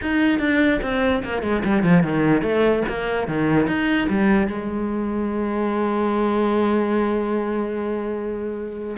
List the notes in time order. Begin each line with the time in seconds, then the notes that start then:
0.01 D#4
0.39 D4
0.82 C4
1.24 A#3
1.42 G#3
1.64 G3
1.83 F3
2.03 D#3
2.42 A3
2.88 A#3
3.27 D#3
3.67 D#4
4.09 G3
4.47 G#3